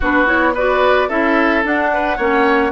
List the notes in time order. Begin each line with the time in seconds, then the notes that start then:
0.00 B3 D4 F#4 B4
0.26 E4 C#5
0.54 F#4 B4 D5
1.08 C#4 E4 A4 E5
1.64 D4 F#5
1.93 B4
2.16 A#3 C#4 C#5